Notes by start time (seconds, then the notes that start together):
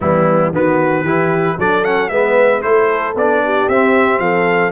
0.00 E3 G3 B3 E4
0.53 D#3 B3 F#4 B4
1.03 E3 E4 G4
1.58 F#3 D4 A4 D5
1.84 C#4 F#5
2.09 G#3 B3 B4 E5
2.62 A3 E4 A4 C5
3.15 B3 D4 D5
3.44 G4
3.68 C4 E5
4.18 F3 A4 F5